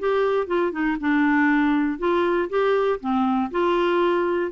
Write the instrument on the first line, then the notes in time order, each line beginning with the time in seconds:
clarinet
0.00 G4
0.48 F4
0.72 D#4
1.01 D4
1.99 F4
2.50 G4
3.00 C4
3.52 F4